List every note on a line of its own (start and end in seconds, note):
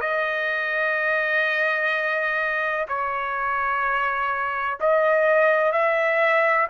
0.00 2.86 D#5
2.88 4.78 C#5
4.80 5.72 D#5
5.72 6.67 E5